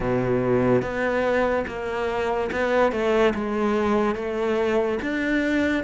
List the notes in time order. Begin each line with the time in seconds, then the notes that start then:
0.00 B2
0.81 B3
1.67 A#3
2.52 B3
2.92 A3
3.34 G#3
4.15 A3
5.02 D4